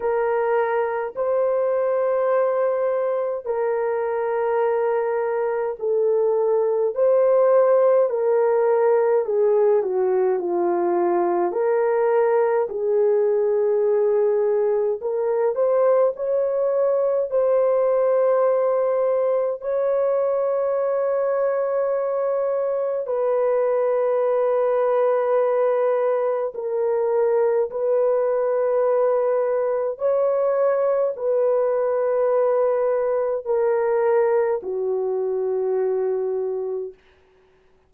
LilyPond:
\new Staff \with { instrumentName = "horn" } { \time 4/4 \tempo 4 = 52 ais'4 c''2 ais'4~ | ais'4 a'4 c''4 ais'4 | gis'8 fis'8 f'4 ais'4 gis'4~ | gis'4 ais'8 c''8 cis''4 c''4~ |
c''4 cis''2. | b'2. ais'4 | b'2 cis''4 b'4~ | b'4 ais'4 fis'2 | }